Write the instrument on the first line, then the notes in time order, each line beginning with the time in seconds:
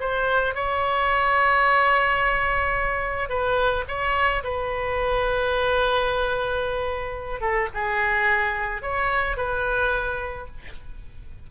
oboe
0.00 C5
0.54 C#5
3.29 B4
3.88 C#5
4.43 B4
7.41 A4
7.74 G#4
8.82 C#5
9.37 B4